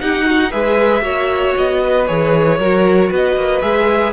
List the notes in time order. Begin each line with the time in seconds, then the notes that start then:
0.00 D#4 G4 F#5
0.26 F#4
0.51 G#3 G#4 B4 E5
1.01 A#3 F#4 C#5
1.57 B3 D#5
1.84 B4
2.07 E3 G#4 C#5
2.58 F#3 F#4 A#4
3.10 B3 B4 D#5
3.36 A#3
3.62 G#3 G#4 E5